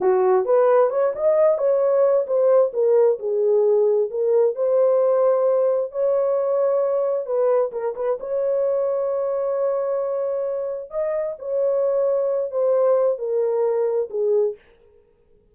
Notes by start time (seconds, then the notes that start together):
0.00 F#4
0.45 B4
0.90 C#5
1.15 D#5
1.58 C#5
2.26 C5
2.73 A#4
3.19 G#4
4.10 A#4
4.55 C5
5.91 C#5
7.26 B4
7.71 A#4
7.95 B4
8.19 C#5
10.90 D#5
11.39 C#5
12.51 C5
13.18 A#4
14.10 G#4